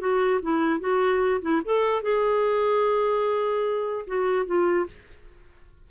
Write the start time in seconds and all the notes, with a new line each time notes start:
0.00 F#4
0.42 E4
0.80 F#4
1.41 E4
1.65 A4
2.03 G#4
4.07 F#4
4.46 F4